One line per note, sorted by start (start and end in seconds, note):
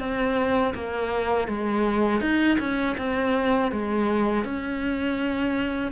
0.00 0.74 C4
0.75 1.48 A#3
1.48 2.21 G#3
2.21 2.58 D#4
2.60 2.97 C#4
2.98 3.72 C4
3.72 4.45 G#3
4.45 5.92 C#4